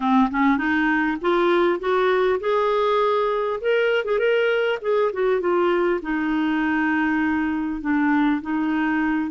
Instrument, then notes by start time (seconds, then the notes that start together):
clarinet
0.00 C4
0.30 C#4
0.57 D#4
1.21 F4
1.79 F#4
2.40 G#4
3.61 A#4
4.04 G#4
4.18 A#4
4.81 G#4
5.12 F#4
5.40 F4
6.02 D#4
7.81 D4
8.41 D#4